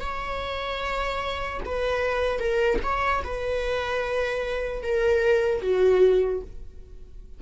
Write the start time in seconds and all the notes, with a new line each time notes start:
0.00 C#5
1.65 B4
2.39 A#4
2.83 C#5
3.24 B4
4.83 A#4
5.61 F#4